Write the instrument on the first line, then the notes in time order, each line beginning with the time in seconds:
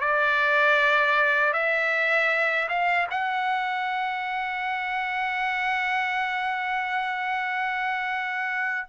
trumpet
0.00 D5
1.53 E5
2.69 F5
3.10 F#5